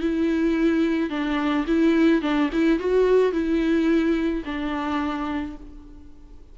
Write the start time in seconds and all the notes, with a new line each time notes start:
0.00 E4
1.10 D4
1.67 E4
2.22 D4
2.53 E4
2.79 F#4
3.32 E4
4.45 D4